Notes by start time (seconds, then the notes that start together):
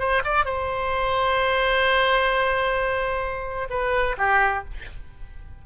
0.00 C5
0.25 D5
0.46 C5
3.70 B4
4.19 G4